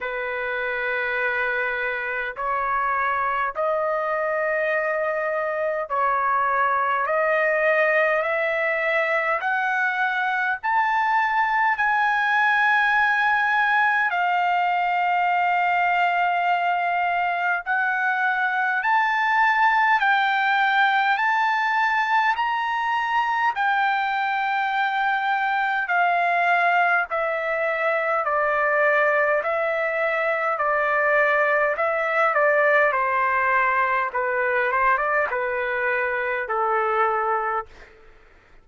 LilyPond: \new Staff \with { instrumentName = "trumpet" } { \time 4/4 \tempo 4 = 51 b'2 cis''4 dis''4~ | dis''4 cis''4 dis''4 e''4 | fis''4 a''4 gis''2 | f''2. fis''4 |
a''4 g''4 a''4 ais''4 | g''2 f''4 e''4 | d''4 e''4 d''4 e''8 d''8 | c''4 b'8 c''16 d''16 b'4 a'4 | }